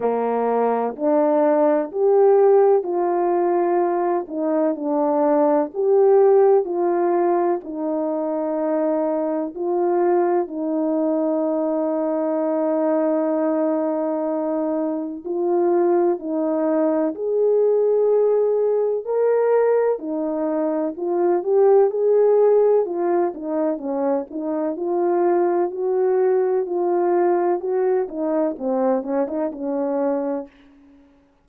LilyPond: \new Staff \with { instrumentName = "horn" } { \time 4/4 \tempo 4 = 63 ais4 d'4 g'4 f'4~ | f'8 dis'8 d'4 g'4 f'4 | dis'2 f'4 dis'4~ | dis'1 |
f'4 dis'4 gis'2 | ais'4 dis'4 f'8 g'8 gis'4 | f'8 dis'8 cis'8 dis'8 f'4 fis'4 | f'4 fis'8 dis'8 c'8 cis'16 dis'16 cis'4 | }